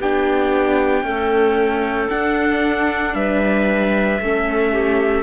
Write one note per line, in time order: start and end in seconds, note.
0.00 1.03 B3
0.00 1.05 D4
0.00 1.05 G4
0.00 2.10 G5
1.03 2.10 A3
1.03 2.09 C#4
1.03 3.16 A4
2.10 4.21 D4
2.10 3.15 D4
2.10 3.15 F#5
3.15 4.20 G3
3.15 4.22 B4
3.15 5.23 E5
4.20 5.23 A3
4.20 5.23 C#4
4.20 4.73 A4
4.73 5.23 G4